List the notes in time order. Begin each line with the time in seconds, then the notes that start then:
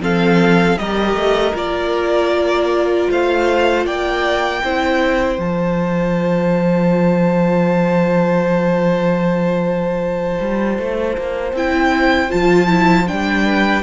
0.00 F3 C4 A4 F5
0.78 G3 G4 A#4 D#5
1.14 A3
1.54 A#3 F4 D5
3.11 A3 C5 F5
3.86 A#3 D5 G5
4.64 C4 E4 C5
5.38 F3 F4 A5
10.40 G3
10.79 A3
11.18 A#3
11.53 C4 E4 G5
12.30 F3 F4 A5
12.68 E4
13.07 G3 D4 G5
13.45 B4